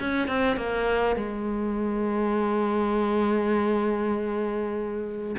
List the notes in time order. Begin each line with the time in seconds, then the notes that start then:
0.00 C#4
0.28 C4
0.57 A#3
1.16 G#3